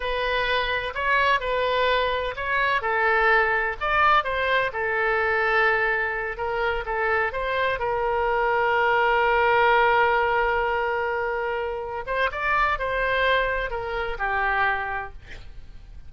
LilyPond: \new Staff \with { instrumentName = "oboe" } { \time 4/4 \tempo 4 = 127 b'2 cis''4 b'4~ | b'4 cis''4 a'2 | d''4 c''4 a'2~ | a'4. ais'4 a'4 c''8~ |
c''8 ais'2.~ ais'8~ | ais'1~ | ais'4. c''8 d''4 c''4~ | c''4 ais'4 g'2 | }